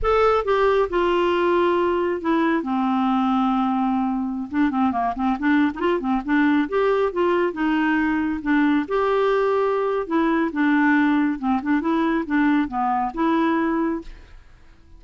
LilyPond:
\new Staff \with { instrumentName = "clarinet" } { \time 4/4 \tempo 4 = 137 a'4 g'4 f'2~ | f'4 e'4 c'2~ | c'2~ c'16 d'8 c'8 ais8 c'16~ | c'16 d'8. dis'16 f'8 c'8 d'4 g'8.~ |
g'16 f'4 dis'2 d'8.~ | d'16 g'2~ g'8. e'4 | d'2 c'8 d'8 e'4 | d'4 b4 e'2 | }